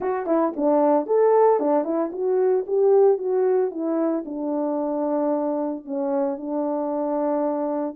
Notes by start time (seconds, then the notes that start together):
0.00 F#4
0.26 E4
0.56 D4
1.06 A4
1.59 D4
1.84 E4
2.12 F#4
2.66 G4
3.18 F#4
3.70 E4
4.25 D4
5.84 C#4
6.37 D4